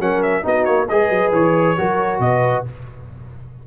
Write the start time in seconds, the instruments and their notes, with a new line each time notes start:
0.00 tuba F#3, trombone C#4, horn A#4, trumpet F#5
0.23 trumpet E5
0.43 tuba B3, trombone D#4, horn F#4, trumpet D#5
0.65 tuba A#3, trumpet C#5
0.89 tuba G#3, trombone G#4, horn B4, trumpet D#5
1.10 tuba F#3
1.33 tuba E3, trumpet C#5
1.78 tuba F#3, trombone F#4, horn A#4
2.19 tuba B2, horn B4, trumpet D#5